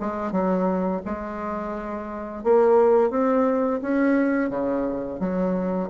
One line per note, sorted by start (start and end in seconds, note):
0.00 0.32 G#3
0.32 1.01 F#3
1.05 2.44 G#3
2.44 3.10 A#3
3.10 3.80 C4
3.82 4.50 C#4
4.50 5.19 C#3
5.19 5.89 F#3